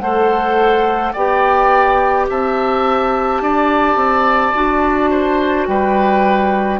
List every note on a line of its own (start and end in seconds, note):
0.00 1.14 A3
0.00 1.16 A4
0.00 1.13 C5
0.00 1.13 F#5
1.13 2.29 B3
1.13 4.55 G4
1.13 2.26 D5
1.13 2.27 G5
2.30 3.41 C4
2.30 3.43 E5
2.30 5.67 A5
3.41 3.96 D4
3.41 5.11 D5
3.96 4.53 C4
4.55 5.68 D4
4.55 6.80 F#4
5.11 5.68 C5
5.67 6.80 G3
5.67 6.80 B4
5.67 6.80 G5